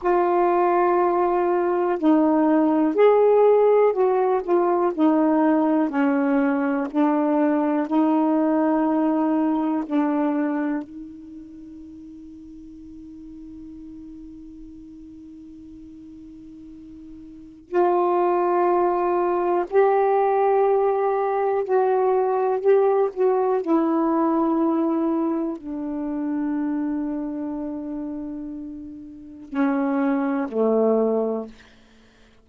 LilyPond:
\new Staff \with { instrumentName = "saxophone" } { \time 4/4 \tempo 4 = 61 f'2 dis'4 gis'4 | fis'8 f'8 dis'4 cis'4 d'4 | dis'2 d'4 dis'4~ | dis'1~ |
dis'2 f'2 | g'2 fis'4 g'8 fis'8 | e'2 d'2~ | d'2 cis'4 a4 | }